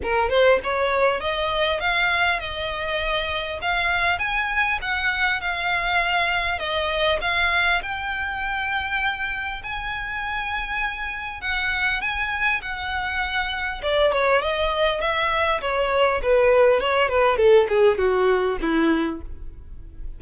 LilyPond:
\new Staff \with { instrumentName = "violin" } { \time 4/4 \tempo 4 = 100 ais'8 c''8 cis''4 dis''4 f''4 | dis''2 f''4 gis''4 | fis''4 f''2 dis''4 | f''4 g''2. |
gis''2. fis''4 | gis''4 fis''2 d''8 cis''8 | dis''4 e''4 cis''4 b'4 | cis''8 b'8 a'8 gis'8 fis'4 e'4 | }